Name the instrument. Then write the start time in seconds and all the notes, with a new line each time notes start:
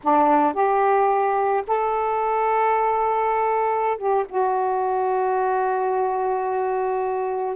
saxophone
0.03 D4
0.53 G4
1.67 A4
3.97 G4
4.28 F#4